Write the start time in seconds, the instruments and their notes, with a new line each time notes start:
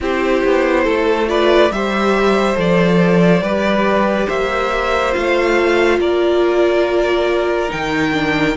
0.00 cello C4, viola E4, violin G4 C5
0.44 cello B3
0.84 cello A3, violin A4
1.27 viola F4, violin B4 D5
1.70 cello G3, viola G4, violin C5 E5
2.55 cello F3, viola A4, violin D5
3.41 cello G3, viola G4, violin B4
4.26 cello A#3, violin C5 E5
5.12 cello A3, viola F4, violin F5
5.98 cello A#3, violin A#4 D5
7.68 cello D#3, viola D#4, violin G5
8.12 viola D4